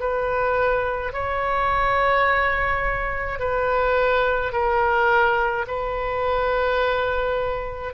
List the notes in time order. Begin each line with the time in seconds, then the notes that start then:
0.00 B4
1.13 C#5
3.39 B4
4.52 A#4
5.67 B4